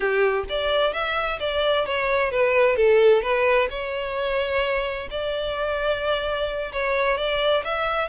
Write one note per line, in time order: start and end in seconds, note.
0.00 0.44 G4
0.49 0.93 D5
0.93 1.39 E5
1.39 1.85 D5
1.85 2.31 C#5
2.31 2.76 B4
2.76 3.22 A4
3.22 3.68 B4
3.69 5.08 C#5
5.10 6.72 D5
6.72 7.17 C#5
7.17 7.63 D5
7.64 8.08 E5